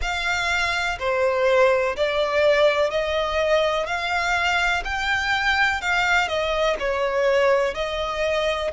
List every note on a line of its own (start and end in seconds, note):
0.01 0.98 F5
0.99 1.96 C5
1.96 2.90 D5
2.90 3.86 D#5
3.86 4.83 F5
4.84 5.81 G5
5.81 6.28 F5
6.28 6.76 D#5
6.79 7.74 C#5
7.74 8.71 D#5